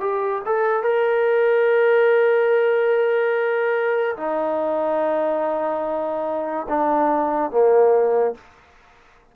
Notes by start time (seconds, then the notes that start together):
0.00 G4
0.45 A4
0.83 A#4
4.16 D#4
6.68 D4
7.51 A#3